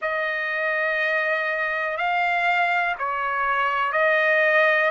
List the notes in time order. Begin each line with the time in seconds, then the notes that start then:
0.01 D#5
1.97 F5
2.98 C#5
3.92 D#5